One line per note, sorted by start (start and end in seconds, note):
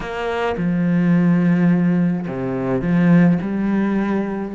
0.00 0.55 A#3
0.57 2.26 F3
2.27 2.81 C3
2.81 3.38 F3
3.41 4.54 G3